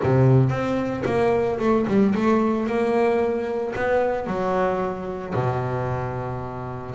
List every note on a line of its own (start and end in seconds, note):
0.02 0.49 C3
0.49 1.03 C4
1.05 1.58 A#3
1.59 1.86 A3
1.87 2.14 G3
2.14 2.66 A3
2.66 3.74 A#3
3.75 4.26 B3
4.26 5.34 F#3
5.34 6.95 B2